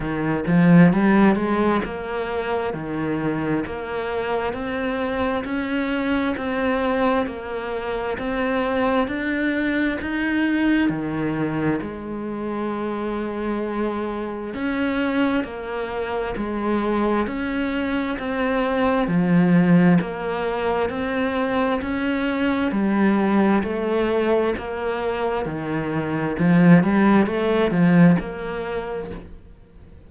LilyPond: \new Staff \with { instrumentName = "cello" } { \time 4/4 \tempo 4 = 66 dis8 f8 g8 gis8 ais4 dis4 | ais4 c'4 cis'4 c'4 | ais4 c'4 d'4 dis'4 | dis4 gis2. |
cis'4 ais4 gis4 cis'4 | c'4 f4 ais4 c'4 | cis'4 g4 a4 ais4 | dis4 f8 g8 a8 f8 ais4 | }